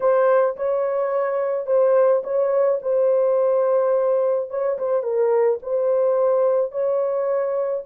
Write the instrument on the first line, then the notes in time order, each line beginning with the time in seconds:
horn
0.00 C5
0.56 C#5
1.66 C5
2.23 C#5
2.82 C5
4.50 C#5
4.78 C5
5.02 A#4
5.62 C5
6.71 C#5